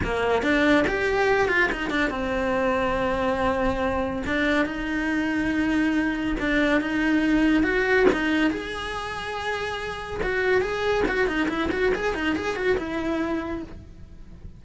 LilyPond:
\new Staff \with { instrumentName = "cello" } { \time 4/4 \tempo 4 = 141 ais4 d'4 g'4. f'8 | dis'8 d'8 c'2.~ | c'2 d'4 dis'4~ | dis'2. d'4 |
dis'2 fis'4 dis'4 | gis'1 | fis'4 gis'4 fis'8 dis'8 e'8 fis'8 | gis'8 dis'8 gis'8 fis'8 e'2 | }